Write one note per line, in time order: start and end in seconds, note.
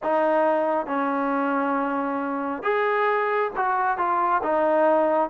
0.02 0.86 D#4
0.86 2.62 C#4
2.62 3.51 G#4
3.56 3.97 F#4
3.97 4.41 F4
4.42 5.29 D#4